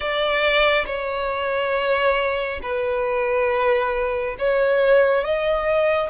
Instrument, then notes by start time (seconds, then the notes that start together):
violin
0.00 D5
0.86 C#5
2.62 B4
4.38 C#5
5.24 D#5